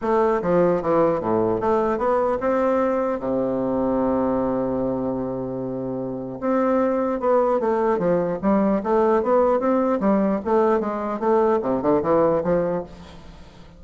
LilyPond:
\new Staff \with { instrumentName = "bassoon" } { \time 4/4 \tempo 4 = 150 a4 f4 e4 a,4 | a4 b4 c'2 | c1~ | c1 |
c'2 b4 a4 | f4 g4 a4 b4 | c'4 g4 a4 gis4 | a4 c8 d8 e4 f4 | }